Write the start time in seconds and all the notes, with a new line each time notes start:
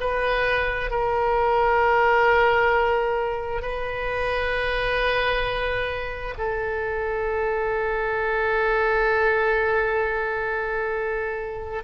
0.00 B4
0.90 A#4
3.62 B4
6.37 A4